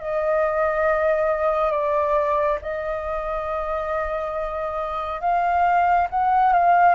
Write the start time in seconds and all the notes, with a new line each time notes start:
0.00 D#5
1.72 D5
2.62 D#5
5.21 F5
6.10 F#5
6.53 F5